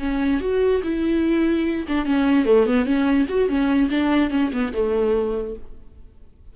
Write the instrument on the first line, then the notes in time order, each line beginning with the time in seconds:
viola
0.00 C#4
0.41 F#4
0.84 E4
1.88 D4
2.06 C#4
2.46 A3
2.67 B3
2.86 C#4
3.29 F#4
3.49 C#4
3.91 D4
4.31 C#4
4.53 B3
4.74 A3